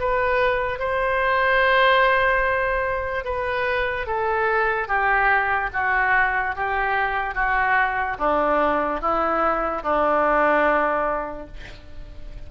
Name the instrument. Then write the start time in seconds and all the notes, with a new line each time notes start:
oboe
0.00 B4
0.80 C5
3.25 B4
4.07 A4
4.88 G4
5.73 F#4
6.56 G4
7.35 F#4
8.19 D4
9.01 E4
9.83 D4